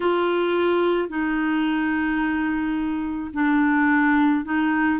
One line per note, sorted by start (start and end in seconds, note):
0.00 1.09 F4
1.09 3.31 D#4
3.33 4.44 D4
4.44 4.99 D#4